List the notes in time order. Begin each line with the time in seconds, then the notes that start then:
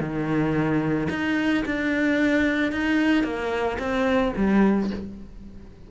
0.00 D#3
1.09 D#4
1.65 D4
2.72 D#4
3.23 A#3
3.79 C4
4.36 G3